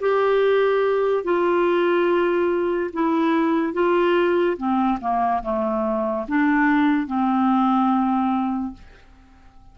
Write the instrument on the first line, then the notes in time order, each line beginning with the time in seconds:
clarinet
0.00 G4
1.24 F4
2.93 E4
3.73 F4
4.57 C4
5.01 A#3
5.43 A3
6.28 D4
7.07 C4